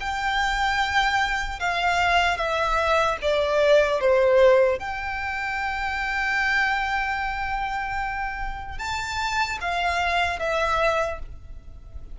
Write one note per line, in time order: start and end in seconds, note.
0.00 1.59 G5
1.59 2.37 F5
2.37 3.17 E5
3.21 4.00 D5
4.00 4.79 C5
4.79 8.78 G5
8.78 9.58 A5
9.61 10.39 F5
10.39 11.19 E5